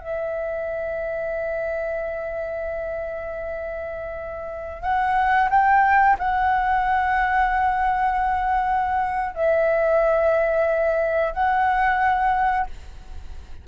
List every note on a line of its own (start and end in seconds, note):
0.00 4.82 E5
4.82 5.49 F#5
5.50 6.17 G5
6.19 9.35 F#5
9.35 11.34 E5
11.34 12.67 F#5